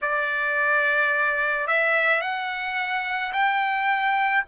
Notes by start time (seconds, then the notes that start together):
0.01 D5
1.67 E5
2.21 F#5
3.32 G5